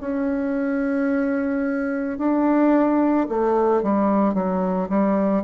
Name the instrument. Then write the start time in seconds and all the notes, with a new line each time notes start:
bassoon
0.00 C#4
2.18 D4
3.29 A3
3.82 G3
4.33 F#3
4.89 G3